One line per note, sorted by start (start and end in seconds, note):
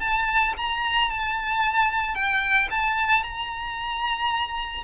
0.00 0.54 A5
0.57 1.11 A#5
1.11 2.15 A5
2.15 2.68 G5
2.70 3.23 A5
3.23 4.84 A#5